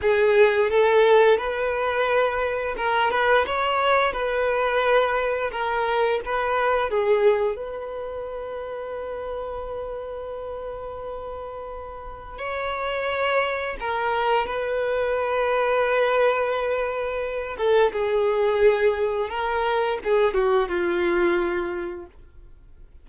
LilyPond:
\new Staff \with { instrumentName = "violin" } { \time 4/4 \tempo 4 = 87 gis'4 a'4 b'2 | ais'8 b'8 cis''4 b'2 | ais'4 b'4 gis'4 b'4~ | b'1~ |
b'2 cis''2 | ais'4 b'2.~ | b'4. a'8 gis'2 | ais'4 gis'8 fis'8 f'2 | }